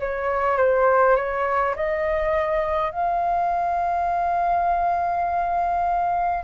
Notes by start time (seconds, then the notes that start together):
0.00 C#5
0.58 C5
1.16 C#5
1.76 D#5
2.92 F5